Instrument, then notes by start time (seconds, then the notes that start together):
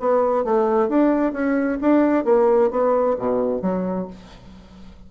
bassoon
0.00 B3
0.44 A3
0.89 D4
1.33 C#4
1.81 D4
2.25 A#3
2.71 B3
3.19 B2
3.62 F#3